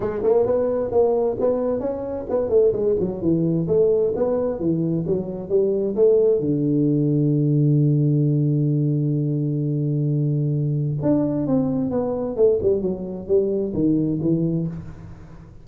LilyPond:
\new Staff \with { instrumentName = "tuba" } { \time 4/4 \tempo 4 = 131 gis8 ais8 b4 ais4 b4 | cis'4 b8 a8 gis8 fis8 e4 | a4 b4 e4 fis4 | g4 a4 d2~ |
d1~ | d1 | d'4 c'4 b4 a8 g8 | fis4 g4 dis4 e4 | }